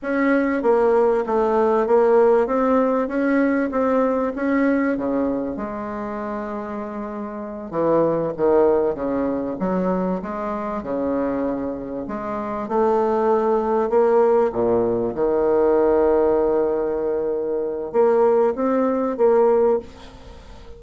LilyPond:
\new Staff \with { instrumentName = "bassoon" } { \time 4/4 \tempo 4 = 97 cis'4 ais4 a4 ais4 | c'4 cis'4 c'4 cis'4 | cis4 gis2.~ | gis8 e4 dis4 cis4 fis8~ |
fis8 gis4 cis2 gis8~ | gis8 a2 ais4 ais,8~ | ais,8 dis2.~ dis8~ | dis4 ais4 c'4 ais4 | }